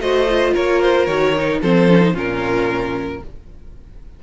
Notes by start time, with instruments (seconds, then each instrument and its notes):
0.00 cello A3, viola F#4, violin C5 D#5
0.30 viola F4
0.54 cello A#3, violin A#4 C#5
0.82 violin C5
1.06 cello D#3, viola F#4, violin C#5
1.37 viola D#4
1.62 cello F3, viola C4, violin A4 C5
1.89 viola C#4
2.01 viola D#4
2.14 cello A#2, viola C#4, violin F4 A#4